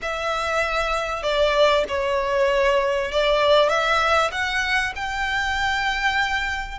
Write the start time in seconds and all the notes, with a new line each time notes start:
0.02 E5
1.22 D5
1.88 C#5
3.11 D5
3.69 E5
4.31 F#5
4.95 G5